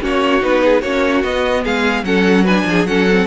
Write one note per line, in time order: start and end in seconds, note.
0.00 0.42 A#3
0.00 0.40 C#4
0.00 0.63 F#4
0.00 0.43 C#5
0.40 0.82 B3
0.40 0.81 D#4
0.40 0.81 B4
0.63 0.81 G#4
0.81 1.23 A#3
0.81 1.23 C#4
0.81 1.63 F#4
0.81 1.22 C#5
1.23 1.64 B3
1.23 2.03 B3
1.23 1.64 D#5
1.64 2.03 G#3
1.64 2.04 G#4
1.64 2.04 F5
2.03 2.64 F#3
2.03 2.44 C#4
2.03 2.44 A4
2.03 2.45 F#5
2.44 2.87 D4
2.44 2.64 B4
2.44 2.86 G#5
2.65 2.85 F3
2.65 2.88 G#4
2.85 3.25 F#3
2.85 3.07 C#4
2.85 3.27 A4
2.85 3.27 F#5
3.10 3.27 C4